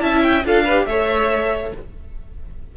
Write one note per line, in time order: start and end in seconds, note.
0.00 0.45 C#4
0.00 0.43 E4
0.00 0.46 E5
0.00 0.22 A5
0.23 0.44 G5
0.45 0.86 D4
0.45 0.66 F4
0.45 0.64 A4
0.45 0.87 F5
0.64 0.91 G4
0.64 0.86 B4
0.86 1.72 A3
0.86 1.77 A4
0.86 1.75 C#5
0.86 1.73 E5